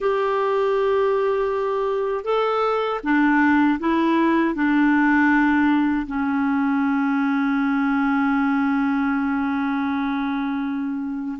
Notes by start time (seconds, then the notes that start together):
0.00 G4
2.24 A4
3.03 D4
3.79 E4
4.54 D4
6.06 C#4